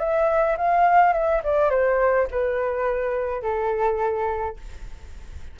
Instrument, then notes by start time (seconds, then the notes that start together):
flute
0.00 E5
0.58 F5
1.14 E5
1.44 D5
1.71 C5
2.31 B4
3.43 A4